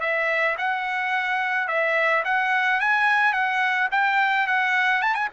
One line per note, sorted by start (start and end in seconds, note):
0.00 0.56 E5
0.57 1.68 F#5
1.68 2.23 E5
2.24 2.80 F#5
2.80 3.33 G#5
3.33 3.88 F#5
3.91 4.47 G5
4.47 5.02 F#5
5.02 5.14 A5
5.14 5.28 G#5